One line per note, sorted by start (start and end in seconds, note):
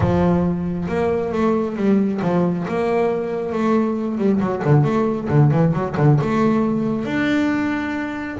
0.00 0.87 F3
0.88 1.32 A#3
1.32 1.76 A3
1.76 2.20 G3
2.22 2.66 F3
2.68 3.52 A#3
3.52 4.18 A3
4.18 4.40 G3
4.40 4.62 F#3
4.64 4.84 D3
4.84 5.28 A3
5.29 5.51 D3
5.51 5.73 E3
5.73 5.95 F#3
5.97 6.19 D3
6.21 7.05 A3
7.05 8.37 D4